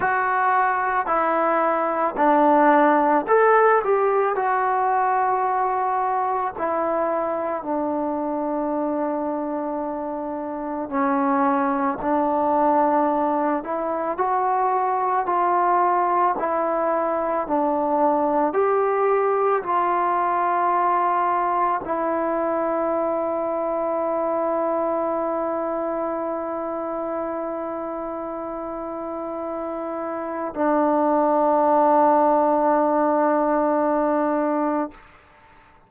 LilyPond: \new Staff \with { instrumentName = "trombone" } { \time 4/4 \tempo 4 = 55 fis'4 e'4 d'4 a'8 g'8 | fis'2 e'4 d'4~ | d'2 cis'4 d'4~ | d'8 e'8 fis'4 f'4 e'4 |
d'4 g'4 f'2 | e'1~ | e'1 | d'1 | }